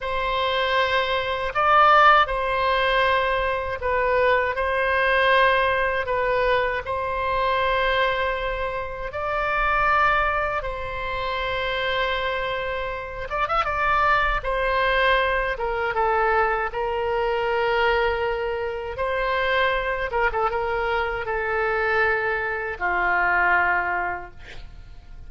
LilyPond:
\new Staff \with { instrumentName = "oboe" } { \time 4/4 \tempo 4 = 79 c''2 d''4 c''4~ | c''4 b'4 c''2 | b'4 c''2. | d''2 c''2~ |
c''4. d''16 e''16 d''4 c''4~ | c''8 ais'8 a'4 ais'2~ | ais'4 c''4. ais'16 a'16 ais'4 | a'2 f'2 | }